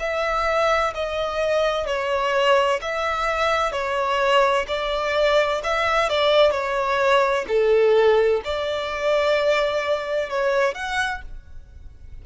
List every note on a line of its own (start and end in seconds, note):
0.00 0.94 E5
0.95 1.87 D#5
1.87 2.80 C#5
2.82 3.72 E5
3.72 4.66 C#5
4.68 5.62 D5
5.64 6.09 E5
6.09 6.52 D5
6.52 7.45 C#5
7.48 8.42 A4
8.45 10.30 D5
10.30 10.75 C#5
10.75 11.22 F#5